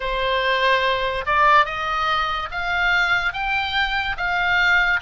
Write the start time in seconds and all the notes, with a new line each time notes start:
0.00 C5
1.25 D5
1.65 D#5
2.51 F5
3.33 G5
4.17 F5